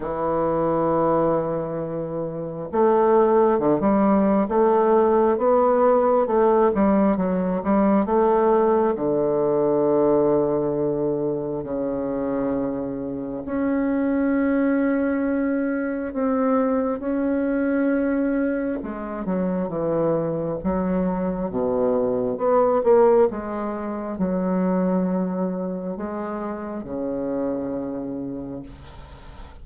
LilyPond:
\new Staff \with { instrumentName = "bassoon" } { \time 4/4 \tempo 4 = 67 e2. a4 | d16 g8. a4 b4 a8 g8 | fis8 g8 a4 d2~ | d4 cis2 cis'4~ |
cis'2 c'4 cis'4~ | cis'4 gis8 fis8 e4 fis4 | b,4 b8 ais8 gis4 fis4~ | fis4 gis4 cis2 | }